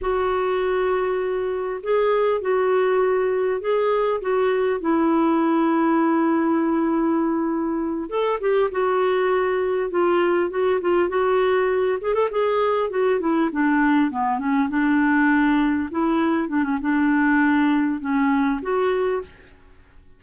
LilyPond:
\new Staff \with { instrumentName = "clarinet" } { \time 4/4 \tempo 4 = 100 fis'2. gis'4 | fis'2 gis'4 fis'4 | e'1~ | e'4. a'8 g'8 fis'4.~ |
fis'8 f'4 fis'8 f'8 fis'4. | gis'16 a'16 gis'4 fis'8 e'8 d'4 b8 | cis'8 d'2 e'4 d'16 cis'16 | d'2 cis'4 fis'4 | }